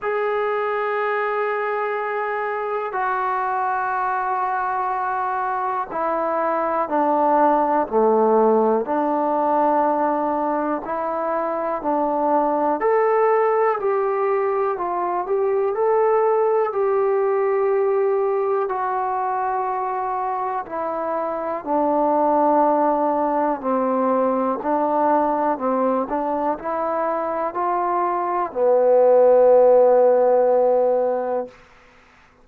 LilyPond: \new Staff \with { instrumentName = "trombone" } { \time 4/4 \tempo 4 = 61 gis'2. fis'4~ | fis'2 e'4 d'4 | a4 d'2 e'4 | d'4 a'4 g'4 f'8 g'8 |
a'4 g'2 fis'4~ | fis'4 e'4 d'2 | c'4 d'4 c'8 d'8 e'4 | f'4 b2. | }